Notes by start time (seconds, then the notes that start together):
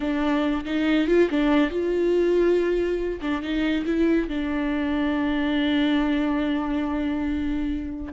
0.00 D4
0.64 D#4
1.07 F4
1.30 D4
1.70 F4
3.21 D4
3.41 D#4
3.85 E4
4.28 D4